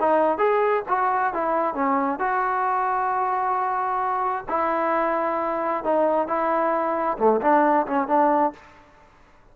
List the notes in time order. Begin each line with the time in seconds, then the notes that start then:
0.00 D#4
0.38 G#4
0.89 F#4
1.33 E4
1.75 C#4
2.19 F#4
4.49 E4
5.84 D#4
6.27 E4
7.18 A3
7.41 D4
7.87 C#4
8.08 D4